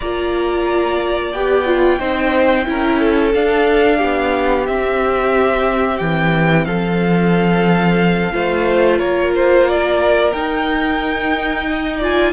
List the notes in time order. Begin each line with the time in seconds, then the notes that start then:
0.00 A#3 F4 D5 A#5
1.32 B3 G4 G5
1.66 F4
1.99 C4 D#4 C5
2.65 C#4 E4 A#4
2.99 A4
3.34 D4 F5
3.98 B3 G4
4.66 C4 E5
5.98 E3 G5
6.64 F3 A4 F5
8.32 A3 F4 C5
8.98 A#3 A#4 C#5
9.35 C5
9.68 D5
10.32 D#4 G5
11.67 D#5
11.97 F4 D5 G#5